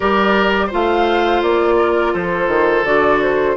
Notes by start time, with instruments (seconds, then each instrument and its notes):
0.00 bassoon G3, clarinet G4, oboe A#4, flute D5
0.67 clarinet F4, oboe C5
0.73 bassoon A3, flute F5
1.42 bassoon A#3, flute D5
1.77 oboe A#4
2.12 bassoon F3, oboe A4, flute C5
2.47 bassoon D#3
2.84 bassoon D3, clarinet F#4, flute D5
3.21 flute C5